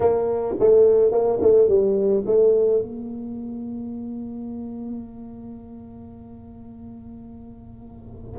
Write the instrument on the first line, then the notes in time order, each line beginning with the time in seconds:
tuba
0.00 A#3
0.59 A3
1.11 A#3
1.41 A3
1.68 G3
2.26 A3
2.82 A#3